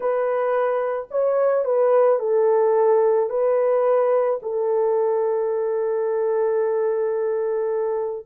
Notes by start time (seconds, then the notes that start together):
0.00 B4
1.10 C#5
1.64 B4
2.19 A4
3.29 B4
4.42 A4